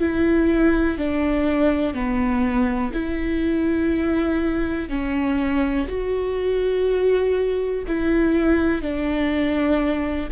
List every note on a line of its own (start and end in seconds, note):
0.00 0.98 E4
0.98 1.94 D4
1.94 2.92 B3
2.94 4.90 E4
4.90 5.88 C#4
5.88 7.85 F#4
7.88 8.82 E4
8.82 10.30 D4